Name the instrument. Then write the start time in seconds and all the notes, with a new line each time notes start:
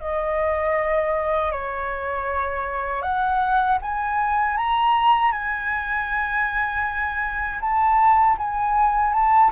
flute
0.00 D#5
1.52 C#5
3.02 F#5
3.82 G#5
4.57 A#5
5.32 G#5
7.61 A5
8.38 G#5
9.13 A5